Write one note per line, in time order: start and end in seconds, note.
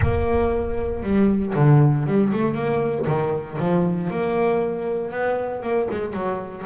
0.01 1.03 A#3
1.03 1.54 G3
1.55 2.06 D3
2.06 2.32 G3
2.32 2.54 A3
2.54 3.05 A#3
3.06 3.58 D#3
3.59 4.10 F3
4.10 5.11 A#3
5.11 5.62 B3
5.62 5.88 A#3
5.90 6.13 G#3
6.13 6.64 F#3